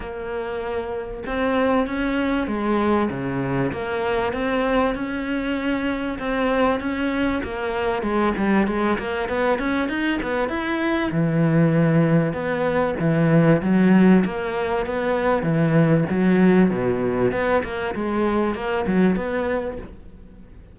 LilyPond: \new Staff \with { instrumentName = "cello" } { \time 4/4 \tempo 4 = 97 ais2 c'4 cis'4 | gis4 cis4 ais4 c'4 | cis'2 c'4 cis'4 | ais4 gis8 g8 gis8 ais8 b8 cis'8 |
dis'8 b8 e'4 e2 | b4 e4 fis4 ais4 | b4 e4 fis4 b,4 | b8 ais8 gis4 ais8 fis8 b4 | }